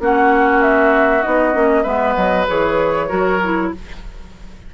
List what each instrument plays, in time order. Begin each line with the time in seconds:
0.00 bassoon A#3, clarinet C#4, oboe F#4, flute F#5
0.62 flute E5
1.22 bassoon B3, clarinet D#4, flute D#5
1.53 bassoon A#3, clarinet C#4
1.82 bassoon G#3, clarinet B3, oboe B4, flute E5
2.15 bassoon F#3, flute D#5
2.47 bassoon E3, clarinet G#4, flute C#5
3.09 bassoon F#3, clarinet F#4, oboe A#4
3.43 clarinet E4